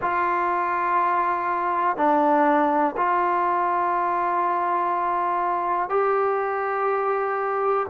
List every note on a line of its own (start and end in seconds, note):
0.01 1.96 F4
1.96 2.95 D4
2.96 5.89 F4
5.89 7.86 G4